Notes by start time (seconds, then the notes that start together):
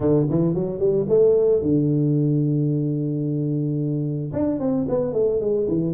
0.00 D3
0.30 E3
0.54 F#3
0.79 G3
1.08 A3
1.62 D3
4.32 D4
4.59 C4
4.88 B3
5.13 A3
5.40 G#3
5.68 E3